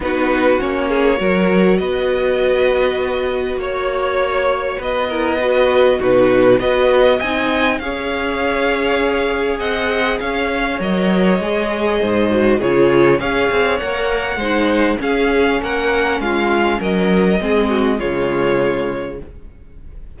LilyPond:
<<
  \new Staff \with { instrumentName = "violin" } { \time 4/4 \tempo 4 = 100 b'4 cis''2 dis''4~ | dis''2 cis''2 | dis''2 b'4 dis''4 | gis''4 f''2. |
fis''4 f''4 dis''2~ | dis''4 cis''4 f''4 fis''4~ | fis''4 f''4 fis''4 f''4 | dis''2 cis''2 | }
  \new Staff \with { instrumentName = "violin" } { \time 4/4 fis'4. gis'8 ais'4 b'4~ | b'2 cis''2 | b'8 ais'8 b'4 fis'4 b'4 | dis''4 cis''2. |
dis''4 cis''2. | c''4 gis'4 cis''2 | c''4 gis'4 ais'4 f'4 | ais'4 gis'8 fis'8 f'2 | }
  \new Staff \with { instrumentName = "viola" } { \time 4/4 dis'4 cis'4 fis'2~ | fis'1~ | fis'8 e'8 fis'4 dis'4 fis'4 | dis'4 gis'2.~ |
gis'2 ais'4 gis'4~ | gis'8 fis'8 f'4 gis'4 ais'4 | dis'4 cis'2.~ | cis'4 c'4 gis2 | }
  \new Staff \with { instrumentName = "cello" } { \time 4/4 b4 ais4 fis4 b4~ | b2 ais2 | b2 b,4 b4 | c'4 cis'2. |
c'4 cis'4 fis4 gis4 | gis,4 cis4 cis'8 c'8 ais4 | gis4 cis'4 ais4 gis4 | fis4 gis4 cis2 | }
>>